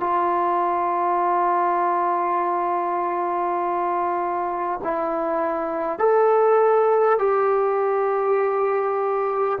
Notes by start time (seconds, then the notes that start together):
0.00 F4
4.83 E4
5.98 A4
7.18 G4